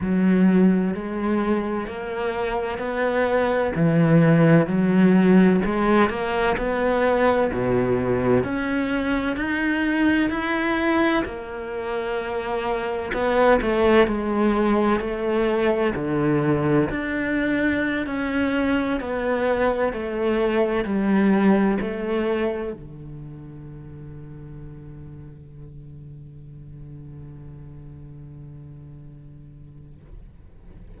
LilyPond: \new Staff \with { instrumentName = "cello" } { \time 4/4 \tempo 4 = 64 fis4 gis4 ais4 b4 | e4 fis4 gis8 ais8 b4 | b,4 cis'4 dis'4 e'4 | ais2 b8 a8 gis4 |
a4 d4 d'4~ d'16 cis'8.~ | cis'16 b4 a4 g4 a8.~ | a16 d2.~ d8.~ | d1 | }